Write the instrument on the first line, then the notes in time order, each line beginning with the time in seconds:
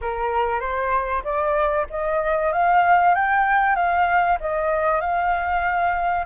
flute
0.01 A#4
0.60 C5
1.24 D5
1.89 D#5
2.52 F5
3.14 G5
3.75 F5
4.40 D#5
5.00 F5